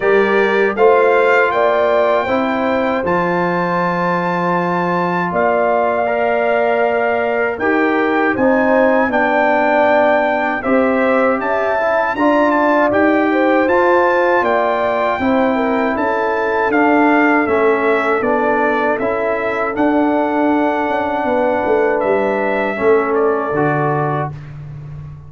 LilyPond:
<<
  \new Staff \with { instrumentName = "trumpet" } { \time 4/4 \tempo 4 = 79 d''4 f''4 g''2 | a''2. f''4~ | f''2 g''4 gis''4 | g''2 e''4 a''4 |
ais''8 a''8 g''4 a''4 g''4~ | g''4 a''4 f''4 e''4 | d''4 e''4 fis''2~ | fis''4 e''4. d''4. | }
  \new Staff \with { instrumentName = "horn" } { \time 4/4 ais'4 c''4 d''4 c''4~ | c''2. d''4~ | d''2 ais'4 c''4 | d''2 c''4 e''4 |
d''4. c''4. d''4 | c''8 ais'8 a'2.~ | a'1 | b'2 a'2 | }
  \new Staff \with { instrumentName = "trombone" } { \time 4/4 g'4 f'2 e'4 | f'1 | ais'2 g'4 dis'4 | d'2 g'4. e'8 |
f'4 g'4 f'2 | e'2 d'4 cis'4 | d'4 e'4 d'2~ | d'2 cis'4 fis'4 | }
  \new Staff \with { instrumentName = "tuba" } { \time 4/4 g4 a4 ais4 c'4 | f2. ais4~ | ais2 dis'4 c'4 | b2 c'4 cis'4 |
d'4 dis'4 f'4 ais4 | c'4 cis'4 d'4 a4 | b4 cis'4 d'4. cis'8 | b8 a8 g4 a4 d4 | }
>>